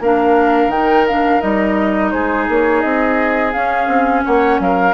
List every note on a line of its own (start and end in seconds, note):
0.00 0.67 A#3
0.00 0.72 D4
0.00 2.13 A#4
0.00 0.71 F5
0.67 1.38 D#3
0.67 1.08 D#4
0.67 1.06 G5
1.08 1.41 D4
1.08 1.41 F5
1.41 2.13 G3
1.41 3.52 D#4
1.41 2.11 D#5
2.11 2.49 G#3
2.11 4.25 G#4
2.11 2.46 C5
2.49 2.84 A#3
2.49 2.81 C#5
2.81 3.55 C4
2.81 3.51 D#5
3.52 4.94 C#4
3.52 3.88 C#4
3.52 4.23 F5
3.88 4.23 C4
4.25 4.59 A#3
4.25 4.60 C#5
4.25 4.60 F#5
4.59 4.94 F#3
4.59 4.94 A#4
4.59 4.94 F5